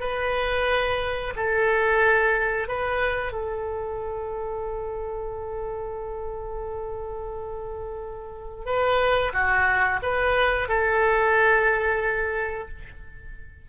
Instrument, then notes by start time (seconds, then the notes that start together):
oboe
0.00 B4
1.36 A4
2.68 B4
3.32 A4
8.65 B4
9.33 F#4
10.02 B4
10.68 A4